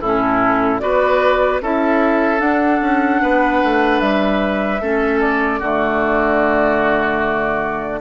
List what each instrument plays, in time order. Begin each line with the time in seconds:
0.00 bassoon A2, clarinet C#4, oboe E4, flute A4
0.79 bassoon B3, clarinet F#4, oboe B4, flute D5
1.61 bassoon C#4, clarinet E4, oboe A4, flute E5
2.38 clarinet D4, bassoon D4, flute F#5
2.81 bassoon C#4
3.21 bassoon B3, oboe B4
3.63 bassoon A3
3.99 bassoon G3, flute E5
4.80 bassoon A3, clarinet C#4, oboe A4
5.20 flute D5
5.59 bassoon D3, clarinet A3, oboe F#4